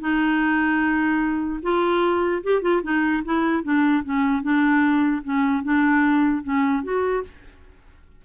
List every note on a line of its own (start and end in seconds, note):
0.00 1.60 D#4
1.62 2.42 F4
2.43 2.61 G4
2.61 2.81 F4
2.83 3.23 D#4
3.24 3.63 E4
3.63 4.03 D4
4.04 4.42 C#4
4.42 5.22 D4
5.24 5.63 C#4
5.63 6.43 D4
6.43 6.83 C#4
6.83 7.23 F#4